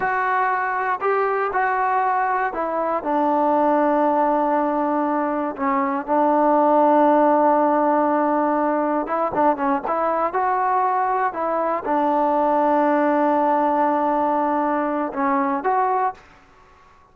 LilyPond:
\new Staff \with { instrumentName = "trombone" } { \time 4/4 \tempo 4 = 119 fis'2 g'4 fis'4~ | fis'4 e'4 d'2~ | d'2. cis'4 | d'1~ |
d'2 e'8 d'8 cis'8 e'8~ | e'8 fis'2 e'4 d'8~ | d'1~ | d'2 cis'4 fis'4 | }